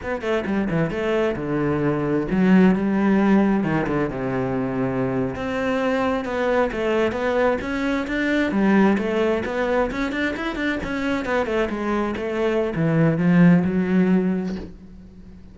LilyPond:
\new Staff \with { instrumentName = "cello" } { \time 4/4 \tempo 4 = 132 b8 a8 g8 e8 a4 d4~ | d4 fis4 g2 | dis8 d8 c2~ c8. c'16~ | c'4.~ c'16 b4 a4 b16~ |
b8. cis'4 d'4 g4 a16~ | a8. b4 cis'8 d'8 e'8 d'8 cis'16~ | cis'8. b8 a8 gis4 a4~ a16 | e4 f4 fis2 | }